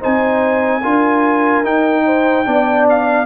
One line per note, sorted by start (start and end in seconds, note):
0.00 0.84 C4
0.00 0.82 D#4
0.00 0.81 C5
0.00 1.65 G#5
0.82 1.64 D4
0.82 1.64 F4
0.82 2.04 A#4
1.64 2.45 D#4
1.64 2.87 G5
2.06 2.46 C5
2.45 3.26 B3
2.45 3.26 D4
2.45 3.26 D5
2.90 3.26 F5